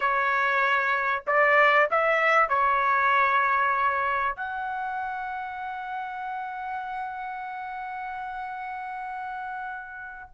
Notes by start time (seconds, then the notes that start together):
0.00 C#5
1.26 D5
1.91 E5
2.49 C#5
4.36 F#5